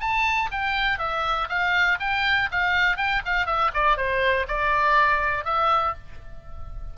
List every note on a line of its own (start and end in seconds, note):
0.00 0.50 A5
0.51 0.98 G5
0.98 1.48 E5
1.49 1.98 F5
2.00 2.49 G5
2.51 2.97 F5
2.97 3.22 G5
3.25 3.46 F5
3.46 3.71 E5
3.73 3.97 D5
3.97 4.46 C5
4.48 5.45 D5
5.45 5.94 E5